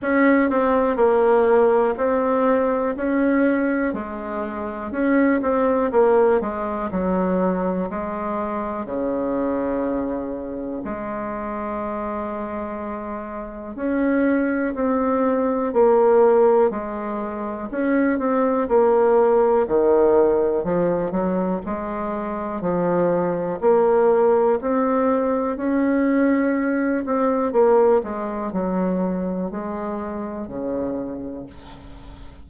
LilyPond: \new Staff \with { instrumentName = "bassoon" } { \time 4/4 \tempo 4 = 61 cis'8 c'8 ais4 c'4 cis'4 | gis4 cis'8 c'8 ais8 gis8 fis4 | gis4 cis2 gis4~ | gis2 cis'4 c'4 |
ais4 gis4 cis'8 c'8 ais4 | dis4 f8 fis8 gis4 f4 | ais4 c'4 cis'4. c'8 | ais8 gis8 fis4 gis4 cis4 | }